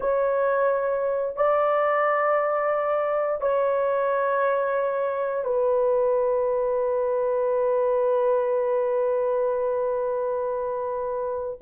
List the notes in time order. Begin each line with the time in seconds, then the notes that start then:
0.00 C#5
1.36 D5
3.40 C#5
5.44 B4